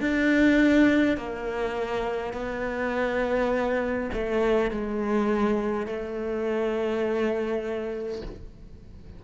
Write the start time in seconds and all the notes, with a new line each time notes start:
0.00 D4
1.17 A#3
2.33 B3
4.13 A3
4.71 G#3
5.86 A3